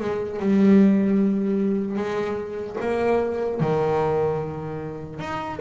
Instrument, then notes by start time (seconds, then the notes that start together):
double bass
0.00 G#3
0.39 G3
1.96 G#3
2.81 A#3
3.60 D#3
5.19 D#4